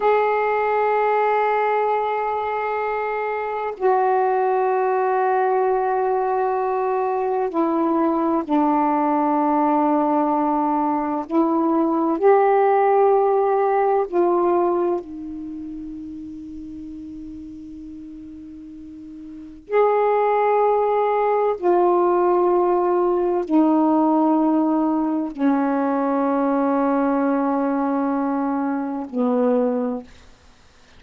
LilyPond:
\new Staff \with { instrumentName = "saxophone" } { \time 4/4 \tempo 4 = 64 gis'1 | fis'1 | e'4 d'2. | e'4 g'2 f'4 |
dis'1~ | dis'4 gis'2 f'4~ | f'4 dis'2 cis'4~ | cis'2. b4 | }